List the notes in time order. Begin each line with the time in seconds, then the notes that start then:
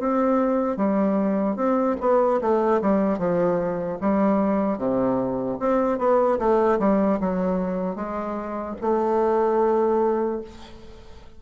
0.00 C4
0.77 G3
1.56 C4
2.00 B3
2.41 A3
2.81 G3
3.19 F3
4.01 G3
4.78 C3
5.60 C4
5.99 B3
6.39 A3
6.79 G3
7.20 F#3
7.96 G#3
8.81 A3